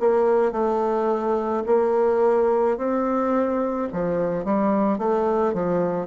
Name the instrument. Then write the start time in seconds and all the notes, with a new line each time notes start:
bassoon
0.00 A#3
0.52 A3
1.66 A#3
2.77 C4
3.93 F3
4.45 G3
4.98 A3
5.54 F3